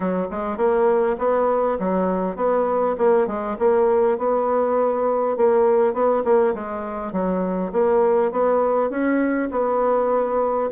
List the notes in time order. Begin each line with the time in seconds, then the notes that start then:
0.00 F#3
0.31 G#3
0.57 A#3
1.18 B3
1.79 F#3
2.36 B3
2.98 A#3
3.27 G#3
3.58 A#3
4.17 B3
5.36 A#3
5.93 B3
6.24 A#3
6.54 G#3
7.12 F#3
7.72 A#3
8.31 B3
8.89 C#4
9.51 B3